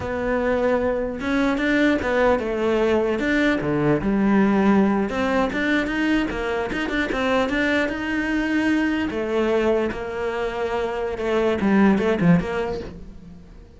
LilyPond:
\new Staff \with { instrumentName = "cello" } { \time 4/4 \tempo 4 = 150 b2. cis'4 | d'4 b4 a2 | d'4 d4 g2~ | g8. c'4 d'4 dis'4 ais16~ |
ais8. dis'8 d'8 c'4 d'4 dis'16~ | dis'2~ dis'8. a4~ a16~ | a8. ais2.~ ais16 | a4 g4 a8 f8 ais4 | }